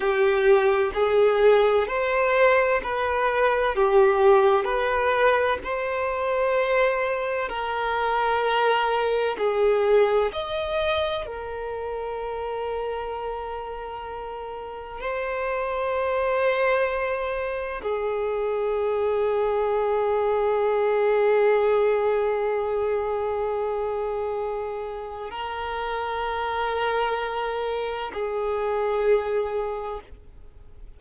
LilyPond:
\new Staff \with { instrumentName = "violin" } { \time 4/4 \tempo 4 = 64 g'4 gis'4 c''4 b'4 | g'4 b'4 c''2 | ais'2 gis'4 dis''4 | ais'1 |
c''2. gis'4~ | gis'1~ | gis'2. ais'4~ | ais'2 gis'2 | }